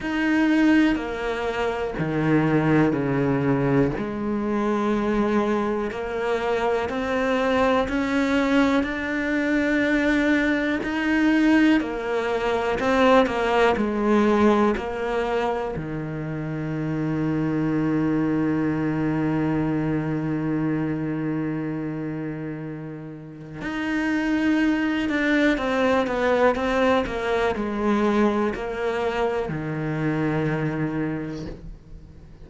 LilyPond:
\new Staff \with { instrumentName = "cello" } { \time 4/4 \tempo 4 = 61 dis'4 ais4 dis4 cis4 | gis2 ais4 c'4 | cis'4 d'2 dis'4 | ais4 c'8 ais8 gis4 ais4 |
dis1~ | dis1 | dis'4. d'8 c'8 b8 c'8 ais8 | gis4 ais4 dis2 | }